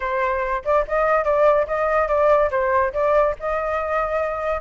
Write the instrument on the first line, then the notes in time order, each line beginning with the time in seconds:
flute
0.00 C5
0.64 D5
0.87 D#5
1.24 D5
1.67 D#5
2.08 D5
2.51 C5
2.93 D5
3.39 D#5